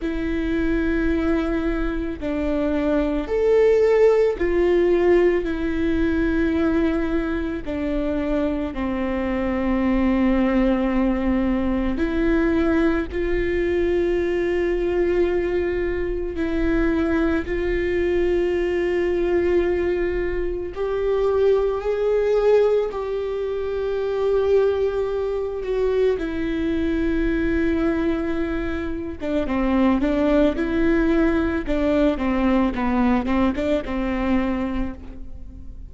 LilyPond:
\new Staff \with { instrumentName = "viola" } { \time 4/4 \tempo 4 = 55 e'2 d'4 a'4 | f'4 e'2 d'4 | c'2. e'4 | f'2. e'4 |
f'2. g'4 | gis'4 g'2~ g'8 fis'8 | e'2~ e'8. d'16 c'8 d'8 | e'4 d'8 c'8 b8 c'16 d'16 c'4 | }